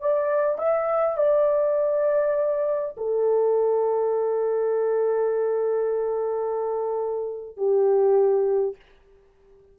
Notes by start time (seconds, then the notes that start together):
0.00 D5
0.58 E5
1.17 D5
2.97 A4
7.57 G4